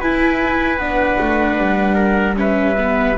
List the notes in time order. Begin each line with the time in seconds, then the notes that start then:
0.00 E4 B4 G#5
0.77 B3 D4 F#5
1.19 A3
1.58 G3
1.94 A#4
2.36 C#4 B4 E5
2.78 B3